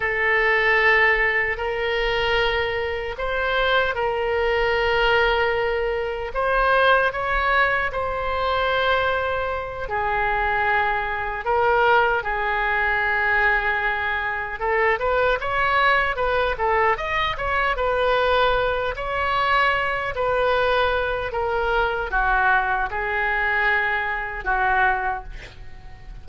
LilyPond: \new Staff \with { instrumentName = "oboe" } { \time 4/4 \tempo 4 = 76 a'2 ais'2 | c''4 ais'2. | c''4 cis''4 c''2~ | c''8 gis'2 ais'4 gis'8~ |
gis'2~ gis'8 a'8 b'8 cis''8~ | cis''8 b'8 a'8 dis''8 cis''8 b'4. | cis''4. b'4. ais'4 | fis'4 gis'2 fis'4 | }